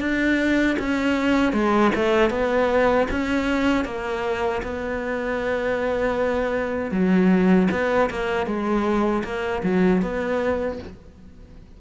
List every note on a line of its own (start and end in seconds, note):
0.00 0.77 D4
0.79 1.53 C#4
1.53 1.92 G#3
1.95 2.30 A3
2.30 3.07 B3
3.11 3.85 C#4
3.85 4.62 A#3
4.63 6.92 B3
6.92 7.69 F#3
7.71 8.10 B3
8.10 8.47 A#3
8.47 9.23 G#3
9.24 9.63 A#3
9.63 10.02 F#3
10.02 10.79 B3